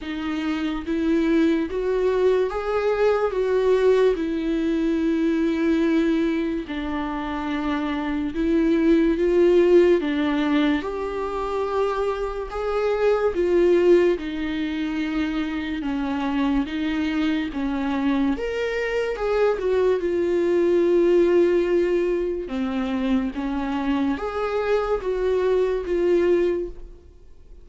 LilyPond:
\new Staff \with { instrumentName = "viola" } { \time 4/4 \tempo 4 = 72 dis'4 e'4 fis'4 gis'4 | fis'4 e'2. | d'2 e'4 f'4 | d'4 g'2 gis'4 |
f'4 dis'2 cis'4 | dis'4 cis'4 ais'4 gis'8 fis'8 | f'2. c'4 | cis'4 gis'4 fis'4 f'4 | }